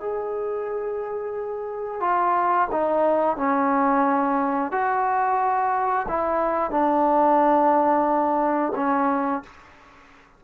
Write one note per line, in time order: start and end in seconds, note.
0.00 2.00 G#4
2.00 2.68 F4
2.71 3.37 D#4
3.37 4.71 C#4
4.71 6.06 F#4
6.08 6.70 E4
6.70 8.73 D4
8.75 9.43 C#4